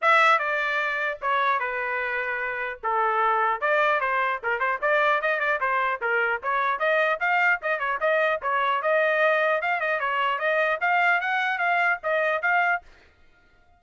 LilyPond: \new Staff \with { instrumentName = "trumpet" } { \time 4/4 \tempo 4 = 150 e''4 d''2 cis''4 | b'2. a'4~ | a'4 d''4 c''4 ais'8 c''8 | d''4 dis''8 d''8 c''4 ais'4 |
cis''4 dis''4 f''4 dis''8 cis''8 | dis''4 cis''4 dis''2 | f''8 dis''8 cis''4 dis''4 f''4 | fis''4 f''4 dis''4 f''4 | }